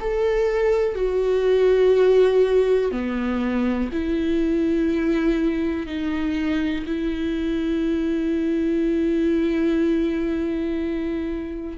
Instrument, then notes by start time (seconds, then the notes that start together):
viola
0.00 A4
0.95 F#4
2.91 B3
3.92 E4
5.87 D#4
6.86 E4